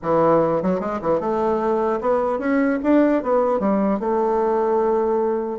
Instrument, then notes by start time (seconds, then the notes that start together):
bassoon
0.02 E3
0.62 F#3
0.80 G#3
1.01 E3
1.19 A3
2.00 B3
2.38 C#4
2.83 D4
3.22 B3
3.59 G3
3.99 A3